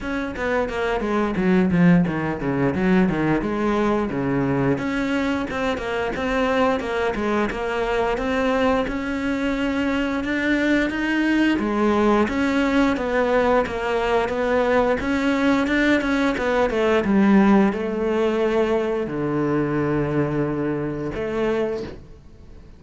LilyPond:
\new Staff \with { instrumentName = "cello" } { \time 4/4 \tempo 4 = 88 cis'8 b8 ais8 gis8 fis8 f8 dis8 cis8 | fis8 dis8 gis4 cis4 cis'4 | c'8 ais8 c'4 ais8 gis8 ais4 | c'4 cis'2 d'4 |
dis'4 gis4 cis'4 b4 | ais4 b4 cis'4 d'8 cis'8 | b8 a8 g4 a2 | d2. a4 | }